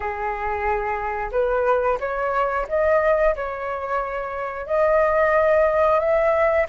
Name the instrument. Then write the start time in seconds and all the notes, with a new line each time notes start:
flute
0.00 G#4
1.32 B4
2.00 C#5
2.68 D#5
3.35 C#5
4.66 D#5
5.99 E5